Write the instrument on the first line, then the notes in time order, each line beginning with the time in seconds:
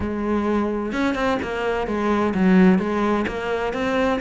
cello
0.00 G#3
0.92 C#4
1.15 C4
1.42 A#3
1.87 G#3
2.34 F#3
2.79 G#3
3.27 A#3
3.73 C4